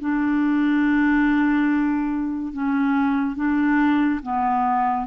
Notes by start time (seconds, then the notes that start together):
0.00 D4
2.53 C#4
3.36 D4
4.23 B3